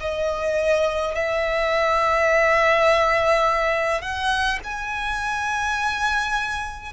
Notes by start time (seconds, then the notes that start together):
0.00 D#5
1.15 E5
4.01 F#5
4.64 G#5